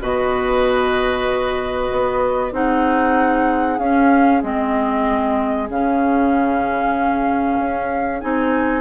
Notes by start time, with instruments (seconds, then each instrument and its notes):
0.00 bassoon B2, clarinet F#4, oboe B4, flute D#5
1.91 bassoon B3
2.51 bassoon C4, clarinet D#4, oboe G#4, flute F#5
3.78 bassoon C#4, clarinet C#4, flute F5
4.41 bassoon G#3, clarinet C4, flute D#5
5.69 bassoon C#3, clarinet C#4, flute F5
7.59 bassoon C#4
8.20 bassoon C4, clarinet D#4, flute G#5